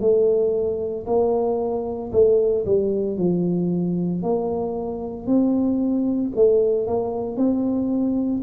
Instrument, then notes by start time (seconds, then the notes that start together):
tuba
0.00 A3
1.06 A#3
2.12 A3
2.65 G3
3.17 F3
4.22 A#3
5.26 C4
6.35 A3
6.87 A#3
7.36 C4